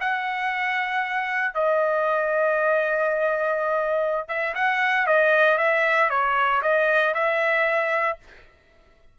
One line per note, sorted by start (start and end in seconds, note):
0.00 1.54 F#5
1.54 4.28 D#5
4.28 4.54 E5
4.54 5.07 F#5
5.07 5.58 D#5
5.58 6.10 E5
6.10 6.62 C#5
6.62 7.14 D#5
7.14 8.19 E5